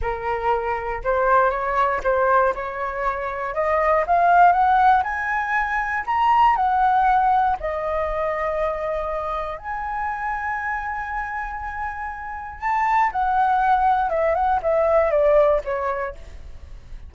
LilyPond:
\new Staff \with { instrumentName = "flute" } { \time 4/4 \tempo 4 = 119 ais'2 c''4 cis''4 | c''4 cis''2 dis''4 | f''4 fis''4 gis''2 | ais''4 fis''2 dis''4~ |
dis''2. gis''4~ | gis''1~ | gis''4 a''4 fis''2 | e''8 fis''8 e''4 d''4 cis''4 | }